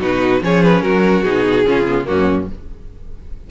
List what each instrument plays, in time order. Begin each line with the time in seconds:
0.00 cello B2, viola D#4, violin F#4 B4
0.41 cello F3, viola C#4, violin G#4 C#5
0.63 violin B4
0.82 cello F#3, violin F#4 A#4
1.23 cello B2, viola D#4, violin G#4
1.66 cello C#3, viola C#4, violin F4
1.87 viola B3
2.05 cello F#2, viola A#3, violin C#4 F#4